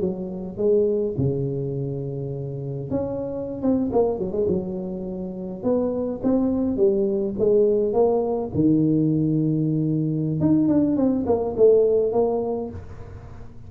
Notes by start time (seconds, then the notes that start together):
0.00 F#3
0.57 G#3
1.17 C#3
2.90 C#4
3.62 C4
3.92 A#3
4.18 F#3
4.32 G#3
4.48 F#3
5.63 B3
6.23 C4
6.77 G3
7.38 G#3
7.93 A#3
8.54 D#3
10.40 D#4
10.68 D4
10.96 C4
11.26 A#3
11.56 A3
12.12 A#3